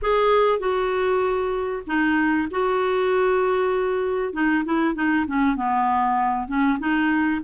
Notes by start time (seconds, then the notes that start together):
0.01 G#4
0.59 F#4
1.86 D#4
2.51 F#4
4.33 D#4
4.64 E4
4.94 D#4
5.27 C#4
5.56 B3
6.47 C#4
6.79 D#4